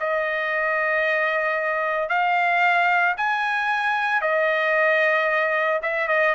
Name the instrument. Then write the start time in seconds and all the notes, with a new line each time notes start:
trumpet
0.00 D#5
2.09 F5
3.17 G#5
4.22 D#5
5.82 E5
6.08 D#5